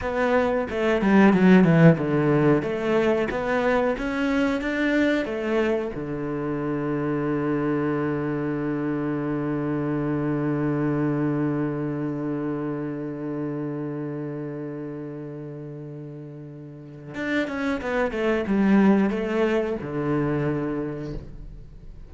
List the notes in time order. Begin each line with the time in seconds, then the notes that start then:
0.01 B3
0.70 A3
1.01 G3
1.33 F#3
1.63 E3
1.98 D3
2.62 A3
3.30 B3
3.98 C#4
4.61 D4
5.25 A3
5.95 D3
17.15 D4
17.47 C#4
17.81 B3
18.11 A3
18.47 G3
19.10 A3
19.81 D3